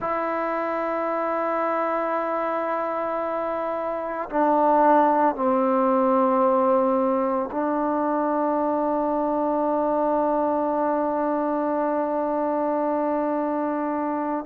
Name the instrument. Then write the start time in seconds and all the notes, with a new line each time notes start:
trombone
0.00 E4
4.29 D4
5.35 C4
7.50 D4